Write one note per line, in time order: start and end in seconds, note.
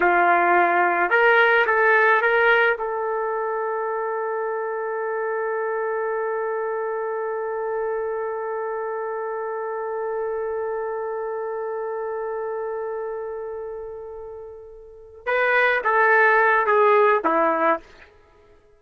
0.00 1.10 F4
1.10 1.65 A#4
1.66 2.21 A4
2.21 2.77 A#4
2.78 15.26 A4
15.26 15.81 B4
15.84 16.66 A4
16.66 17.21 G#4
17.24 17.80 E4